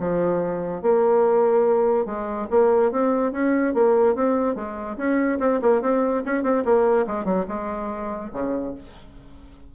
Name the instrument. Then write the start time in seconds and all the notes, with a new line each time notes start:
bassoon
0.00 F3
0.83 A#3
2.06 G#3
2.51 A#3
2.92 C4
3.33 C#4
3.74 A#3
4.16 C4
4.56 G#3
4.98 C#4
5.40 C4
5.62 A#3
5.82 C4
6.26 C#4
6.44 C4
6.65 A#3
7.07 G#3
7.25 F#3
7.48 G#3
8.33 C#3